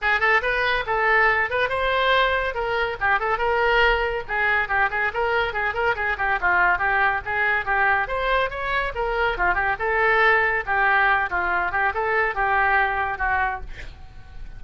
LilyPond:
\new Staff \with { instrumentName = "oboe" } { \time 4/4 \tempo 4 = 141 gis'8 a'8 b'4 a'4. b'8 | c''2 ais'4 g'8 a'8 | ais'2 gis'4 g'8 gis'8 | ais'4 gis'8 ais'8 gis'8 g'8 f'4 |
g'4 gis'4 g'4 c''4 | cis''4 ais'4 f'8 g'8 a'4~ | a'4 g'4. f'4 g'8 | a'4 g'2 fis'4 | }